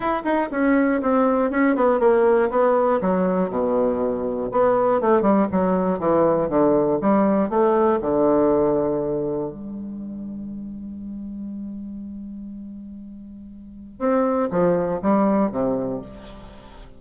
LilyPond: \new Staff \with { instrumentName = "bassoon" } { \time 4/4 \tempo 4 = 120 e'8 dis'8 cis'4 c'4 cis'8 b8 | ais4 b4 fis4 b,4~ | b,4 b4 a8 g8 fis4 | e4 d4 g4 a4 |
d2. g4~ | g1~ | g1 | c'4 f4 g4 c4 | }